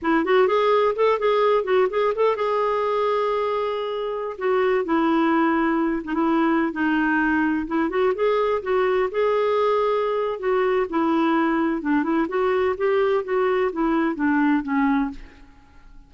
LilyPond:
\new Staff \with { instrumentName = "clarinet" } { \time 4/4 \tempo 4 = 127 e'8 fis'8 gis'4 a'8 gis'4 fis'8 | gis'8 a'8 gis'2.~ | gis'4~ gis'16 fis'4 e'4.~ e'16~ | e'8. dis'16 e'4~ e'16 dis'4.~ dis'16~ |
dis'16 e'8 fis'8 gis'4 fis'4 gis'8.~ | gis'2 fis'4 e'4~ | e'4 d'8 e'8 fis'4 g'4 | fis'4 e'4 d'4 cis'4 | }